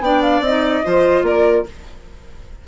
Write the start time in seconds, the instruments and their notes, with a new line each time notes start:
0.00 bassoon B3, clarinet D4, violin D5, flute G5
0.22 flute F5
0.40 bassoon C4, flute D#5
0.47 clarinet D#4
0.84 bassoon F3, clarinet F4, violin C5
1.23 bassoon A#3, violin A#4, flute D5